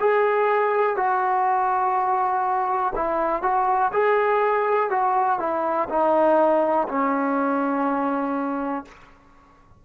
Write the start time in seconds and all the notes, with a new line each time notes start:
0.00 G#4
0.97 F#4
2.95 E4
3.42 F#4
3.93 G#4
4.90 F#4
5.39 E4
5.89 D#4
6.88 C#4